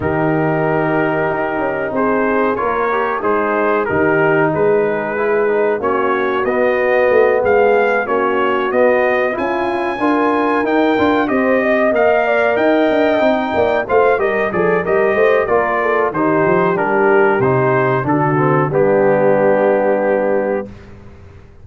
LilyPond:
<<
  \new Staff \with { instrumentName = "trumpet" } { \time 4/4 \tempo 4 = 93 ais'2. c''4 | cis''4 c''4 ais'4 b'4~ | b'4 cis''4 dis''4. f''8~ | f''8 cis''4 dis''4 gis''4.~ |
gis''8 g''4 dis''4 f''4 g''8~ | g''4. f''8 dis''8 d''8 dis''4 | d''4 c''4 ais'4 c''4 | a'4 g'2. | }
  \new Staff \with { instrumentName = "horn" } { \time 4/4 g'2. gis'4 | ais'4 dis'4 g'4 gis'4~ | gis'4 fis'2~ fis'8 gis'8~ | gis'8 fis'2 f'4 ais'8~ |
ais'4. c''8 dis''4 d''8 dis''8~ | dis''4 d''8 c''8 ais'8 a'8 ais'8 c''8 | ais'8 a'8 g'2. | fis'4 d'2. | }
  \new Staff \with { instrumentName = "trombone" } { \time 4/4 dis'1 | f'8 g'8 gis'4 dis'2 | e'8 dis'8 cis'4 b2~ | b8 cis'4 b4 e'4 f'8~ |
f'8 dis'8 f'8 g'4 ais'4.~ | ais'8 dis'4 f'8 g'8 gis'8 g'4 | f'4 dis'4 d'4 dis'4 | d'8 c'8 b2. | }
  \new Staff \with { instrumentName = "tuba" } { \time 4/4 dis2 dis'8 cis'8 c'4 | ais4 gis4 dis4 gis4~ | gis4 ais4 b4 a8 gis8~ | gis8 ais4 b4 cis'4 d'8~ |
d'8 dis'8 d'8 c'4 ais4 dis'8 | d'8 c'8 ais8 a8 g8 f8 g8 a8 | ais4 dis8 f8 g4 c4 | d4 g2. | }
>>